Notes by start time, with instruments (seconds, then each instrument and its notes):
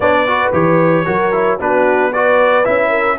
0.00 tuba B3, trombone D4, horn C#5, trumpet D5
0.27 trombone F#4, horn B4
0.52 tuba E3, trombone G4, trumpet C#5
1.05 tuba F#3, trombone F#4, horn A#4
1.32 trombone E4
1.59 tuba B3, trombone D4, horn F#4, trumpet B4
2.12 trombone F#4, horn B4, trumpet D5
2.64 tuba C#4, trombone E4, trumpet E5
2.89 horn A#4